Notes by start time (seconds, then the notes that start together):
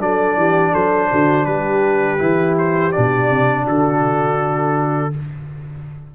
0.00 F#3 D4 A4 D5
0.36 E3 G4
0.72 F#3 A4 C5
1.12 D3 F#4
1.46 G3 G4 B4
2.18 E3 E4
2.59 C5
2.92 B2 D4 D5
3.30 C3
3.64 D3 F#4 A4